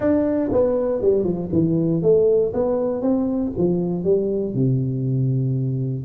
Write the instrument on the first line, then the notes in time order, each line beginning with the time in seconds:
tuba
0.00 D4
0.52 B3
1.01 G3
1.24 F3
1.52 E3
2.02 A3
2.53 B3
3.01 C4
3.57 F3
4.04 G3
4.54 C3